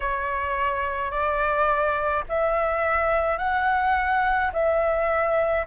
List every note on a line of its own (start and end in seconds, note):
0.00 1.10 C#5
1.10 2.24 D5
2.28 3.38 E5
3.38 4.51 F#5
4.53 5.66 E5